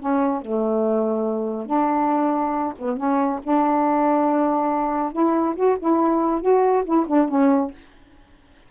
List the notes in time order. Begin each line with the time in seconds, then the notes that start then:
0.00 C#4
0.42 A3
1.66 D4
2.78 B3
2.97 C#4
3.43 D4
5.13 E4
5.56 F#4
5.79 E4
6.41 F#4
6.85 E4
7.07 D4
7.29 C#4